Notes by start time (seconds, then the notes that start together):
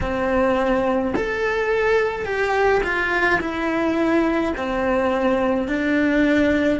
0.00 C4
1.15 A4
2.25 G4
2.83 F4
3.40 E4
4.56 C4
5.68 D4